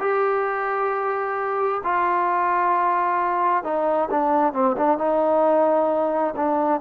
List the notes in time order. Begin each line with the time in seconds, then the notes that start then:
0.00 G4
1.84 F4
3.64 D#4
4.11 D4
4.53 C4
4.77 D4
4.98 D#4
6.36 D4